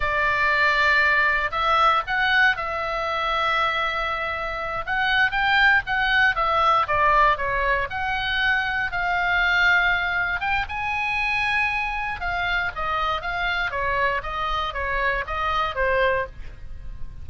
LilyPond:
\new Staff \with { instrumentName = "oboe" } { \time 4/4 \tempo 4 = 118 d''2. e''4 | fis''4 e''2.~ | e''4. fis''4 g''4 fis''8~ | fis''8 e''4 d''4 cis''4 fis''8~ |
fis''4. f''2~ f''8~ | f''8 g''8 gis''2. | f''4 dis''4 f''4 cis''4 | dis''4 cis''4 dis''4 c''4 | }